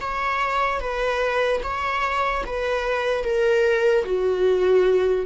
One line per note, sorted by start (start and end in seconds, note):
0.00 0.80 C#5
0.80 1.61 B4
1.63 2.44 C#5
2.45 3.24 B4
3.24 4.04 A#4
4.04 5.26 F#4